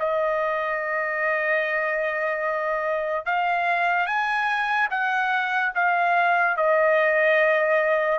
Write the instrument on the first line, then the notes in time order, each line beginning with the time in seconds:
trumpet
0.00 D#5
3.26 F5
4.07 G#5
4.91 F#5
5.75 F5
6.57 D#5